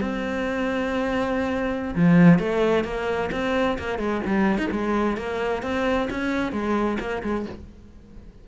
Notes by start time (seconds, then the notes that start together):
0.00 C4
1.95 F3
2.39 A3
2.84 A#3
3.32 C4
3.78 A#3
3.98 G#3
4.26 G3
4.58 D#4
4.71 G#3
5.17 A#3
5.63 C4
6.10 C#4
6.52 G#3
7.00 A#3
7.23 G#3